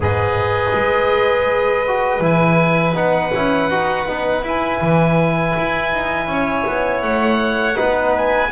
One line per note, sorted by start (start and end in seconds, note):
0.00 0.73 G#2
0.00 1.85 G#4
0.00 6.30 B4
0.00 2.24 D#5
0.74 2.20 G#3
1.87 2.21 F#4
2.20 2.94 E3
2.20 2.94 E4
2.20 2.96 G#5
2.94 3.31 B3
2.94 3.31 D#4
2.94 4.44 F#5
3.34 3.69 C#4
3.34 3.70 E4
3.69 4.06 D#4
3.69 4.07 F#4
4.07 4.42 B3
4.07 4.43 D#4
4.42 4.79 E4
4.42 7.75 E4
4.42 7.02 G#5
4.81 5.55 E3
5.58 5.92 E4
5.92 6.27 D#4
6.27 6.64 C#4
6.27 7.76 C#5
6.67 7.02 B3
7.02 7.76 A3
7.02 8.13 F#5
7.75 8.52 B3
7.75 8.49 D#4
7.75 8.50 B4
8.17 8.52 G#5